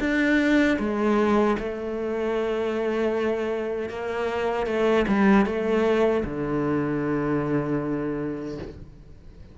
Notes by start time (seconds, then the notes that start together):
0.00 D4
0.79 G#3
1.59 A3
3.90 A#3
4.67 A3
5.08 G3
5.46 A3
6.25 D3